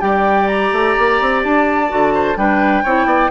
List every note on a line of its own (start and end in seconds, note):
0.00 0.72 G3
0.00 1.88 G4
0.00 2.14 D5
0.00 0.47 G5
0.47 1.41 A#5
0.72 0.95 A3
0.98 1.21 A#3
1.21 1.44 C4
1.44 1.91 D4
1.44 2.37 A5
1.88 2.36 D3
1.88 2.35 F#4
2.14 2.37 C5
2.36 2.83 G3
2.36 2.84 D4
2.36 2.83 B4
2.36 3.30 G5
2.83 3.05 C4
2.83 3.30 E4
2.83 3.06 C#5
3.05 3.29 B3
3.05 3.30 D5